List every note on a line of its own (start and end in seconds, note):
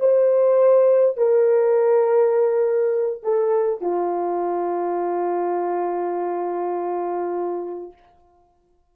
0.00 1.18 C5
1.18 3.23 A#4
3.23 3.82 A4
3.82 7.93 F4